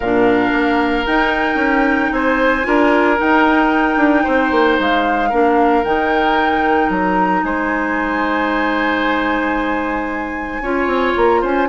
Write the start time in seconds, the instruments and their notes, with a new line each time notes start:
0.00 bassoon A#2, clarinet D4, oboe A#4, flute F5
0.52 bassoon A#3
1.06 clarinet D#4, bassoon D#4, flute G5
1.55 bassoon C#4
2.12 bassoon C4, oboe C5, flute G#5
2.63 bassoon D4, clarinet F4, oboe A#4
3.17 clarinet D#4, bassoon D#4, flute G5
3.97 bassoon D4
4.23 bassoon C4, oboe C5
4.51 bassoon A#3
4.79 bassoon G#3, flute F5
5.29 bassoon A#3, clarinet D4, oboe A#4
5.83 bassoon D#3, clarinet D#4, flute G5
6.89 bassoon F#3, flute A#5
7.43 bassoon G#3, oboe C5, flute G#5
10.61 bassoon C#4, clarinet F4, oboe C#5
10.86 bassoon C4
11.16 bassoon A#3, flute A#5
11.41 bassoon C#4, oboe C5, flute G#5